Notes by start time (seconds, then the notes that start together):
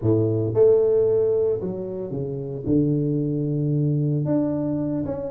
0.01 A2
0.54 A3
1.60 F#3
2.10 C#3
2.66 D3
4.25 D4
5.05 C#4